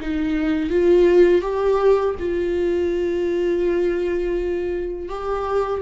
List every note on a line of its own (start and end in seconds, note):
0.00 0.70 D#4
0.70 1.41 F4
1.41 2.15 G4
2.19 5.09 F4
5.09 5.82 G4